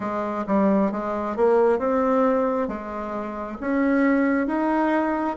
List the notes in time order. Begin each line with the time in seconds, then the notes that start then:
0.00 G#3
0.46 G3
0.91 G#3
1.36 A#3
1.78 C4
2.68 G#3
3.60 C#4
4.47 D#4